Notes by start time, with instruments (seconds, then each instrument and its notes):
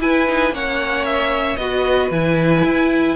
0.00 cello E4, viola E4, violin B4 G#5
0.28 viola D#4
0.52 cello A#3, viola C#4, violin C#5 F#5
1.06 violin E5
1.57 cello B3, viola F#4, violin B4 D#5
2.11 cello E3, viola E4, violin G#5
2.65 cello E4